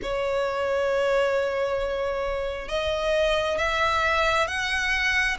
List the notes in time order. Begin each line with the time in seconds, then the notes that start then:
0.02 C#5
2.68 D#5
3.57 E5
4.47 F#5